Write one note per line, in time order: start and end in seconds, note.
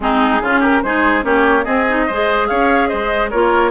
0.00 0.40 G#3
0.00 0.42 C4
0.00 0.42 D#4
0.00 0.62 G#4
0.41 0.83 C#3
0.41 0.84 C#4
0.41 0.60 F4
0.60 0.80 G4
0.60 0.82 A#4
0.82 1.24 G#3
0.82 1.22 D#4
0.82 1.25 G#4
0.82 1.24 C5
1.22 1.65 A#3
1.22 1.63 C#4
1.22 1.65 G4
1.22 1.64 C#5
1.64 1.85 C4
1.64 2.07 C4
1.64 2.06 G#4
1.64 2.47 D#5
1.88 2.09 D#4
2.06 2.50 G#3
2.06 3.32 G#4
2.06 2.48 C5
2.47 2.91 C#4
2.47 2.88 C#5
2.47 2.88 F5
2.88 3.33 G#3
2.88 3.30 C5
2.88 3.29 D#5
3.30 3.71 A#3
3.30 3.71 F4
3.30 3.71 A#4
3.30 3.71 C#5